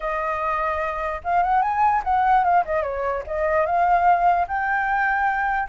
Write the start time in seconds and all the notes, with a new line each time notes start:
0.00 D#5
1.23 F5
1.42 F#5
1.61 G#5
2.03 F#5
2.43 F5
2.65 D#5
2.82 C#5
3.26 D#5
3.66 F5
4.47 G5